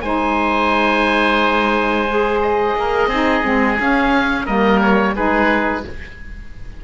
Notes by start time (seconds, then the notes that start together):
0.00 G#3 D#4 C5 G#5
2.08 G#4
2.42 D#5
2.75 A#3 A#4
3.07 C4 D#4 G#4
3.43 G#3 C4
3.78 C#4 F5
4.45 G3 A#3 A#4 D#5
4.81 C#5
5.15 G#3 D#4 G#4 B4